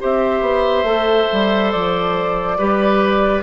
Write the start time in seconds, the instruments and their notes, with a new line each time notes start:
0.00 bassoon C4, clarinet G4, oboe C5, flute E5
0.41 bassoon B3
0.83 bassoon A3, clarinet A4
1.32 bassoon G3
1.72 bassoon F3, flute D5
2.58 bassoon G3, clarinet G4, oboe B4